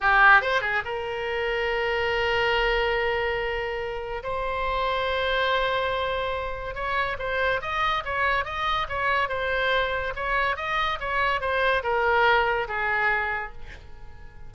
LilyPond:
\new Staff \with { instrumentName = "oboe" } { \time 4/4 \tempo 4 = 142 g'4 c''8 gis'8 ais'2~ | ais'1~ | ais'2 c''2~ | c''1 |
cis''4 c''4 dis''4 cis''4 | dis''4 cis''4 c''2 | cis''4 dis''4 cis''4 c''4 | ais'2 gis'2 | }